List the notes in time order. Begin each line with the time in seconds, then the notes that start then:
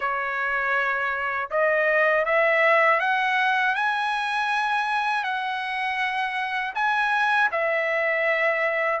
0.00 C#5
1.50 D#5
2.25 E5
3.00 F#5
3.75 G#5
5.23 F#5
6.75 G#5
7.51 E5